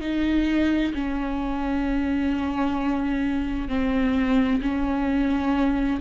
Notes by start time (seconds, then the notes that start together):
0.00 D#4
0.94 C#4
3.68 C4
4.62 C#4